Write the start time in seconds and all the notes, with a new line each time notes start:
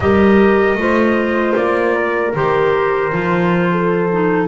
0.00 G3 G4 A#4 D#5
0.75 A3 F4 C5
1.56 A#3 D5
1.95 A#4
2.34 D#3 G4 C5
3.12 F3 F4
3.71 A4
4.12 D#4